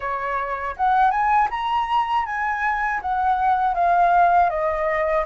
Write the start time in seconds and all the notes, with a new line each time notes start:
0.00 C#5
0.76 F#5
1.10 G#5
1.50 A#5
2.25 G#5
3.01 F#5
3.74 F5
4.49 D#5